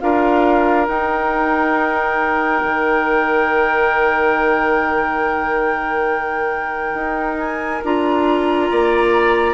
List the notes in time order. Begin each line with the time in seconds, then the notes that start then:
0.00 D4 F4 A#4 F5
0.87 D#4 G5
2.63 D#3
6.94 D#4
7.38 G#5
7.84 D4 F4 A#5
8.71 A#3 D5